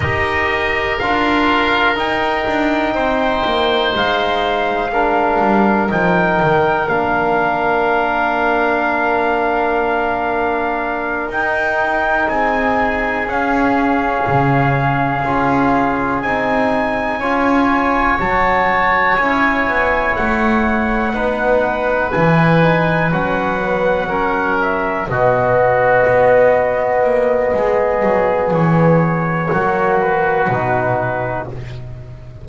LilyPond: <<
  \new Staff \with { instrumentName = "trumpet" } { \time 4/4 \tempo 4 = 61 dis''4 f''4 g''2 | f''2 g''4 f''4~ | f''2.~ f''8 g''8~ | g''8 gis''4 f''2~ f''8~ |
f''8 gis''2 a''4 gis''8~ | gis''8 fis''2 gis''4 fis''8~ | fis''4 e''8 dis''2~ dis''8~ | dis''4 cis''4. b'4. | }
  \new Staff \with { instrumentName = "oboe" } { \time 4/4 ais'2. c''4~ | c''4 ais'2.~ | ais'1~ | ais'8 gis'2.~ gis'8~ |
gis'4. cis''2~ cis''8~ | cis''4. b'2~ b'8~ | b'8 ais'4 fis'2~ fis'8 | gis'2 fis'2 | }
  \new Staff \with { instrumentName = "trombone" } { \time 4/4 g'4 f'4 dis'2~ | dis'4 d'4 dis'4 d'4~ | d'2.~ d'8 dis'8~ | dis'4. cis'2 f'8~ |
f'8 dis'4 f'4 fis'4 e'8~ | e'4. dis'4 e'8 dis'8 cis'8 | b8 cis'4 b2~ b8~ | b2 ais4 dis'4 | }
  \new Staff \with { instrumentName = "double bass" } { \time 4/4 dis'4 d'4 dis'8 d'8 c'8 ais8 | gis4. g8 f8 dis8 ais4~ | ais2.~ ais8 dis'8~ | dis'8 c'4 cis'4 cis4 cis'8~ |
cis'8 c'4 cis'4 fis4 cis'8 | b8 a4 b4 e4 fis8~ | fis4. b,4 b4 ais8 | gis8 fis8 e4 fis4 b,4 | }
>>